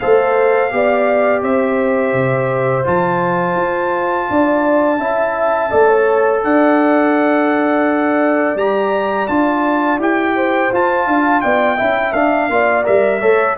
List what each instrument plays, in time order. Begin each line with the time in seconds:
0.00 tuba A3, trombone A4, horn C5, trumpet F5
0.71 tuba B3, trombone G4, horn D5
1.43 tuba C4, horn C5, trumpet E5
2.13 tuba C3
2.84 tuba F3, trombone F4, trumpet A5
3.56 tuba F4
4.30 tuba D4, horn D5
5.00 tuba C#4, trombone E4, horn E5
5.71 tuba A3, trombone A4, horn D5
5.87 horn C#5
6.44 tuba D4, horn D5, trumpet F#5
8.56 tuba G3, trombone G4, trumpet A#5
9.28 tuba D4, trombone F4, trumpet A5
9.98 tuba E4, trombone G4, trumpet G5
10.36 horn C5
10.73 tuba F4, trombone F4, trumpet A5
11.07 tuba D4, horn F5
11.42 tuba B3, horn D5, trumpet G5
11.77 tuba C#4, trombone E4, horn E5
12.13 tuba D4, trombone D4, trumpet F5
12.50 tuba A#3, trombone F4, horn D5
12.84 tuba G3, trombone A#4, trumpet E5
13.21 tuba A3, trombone A4, horn C#5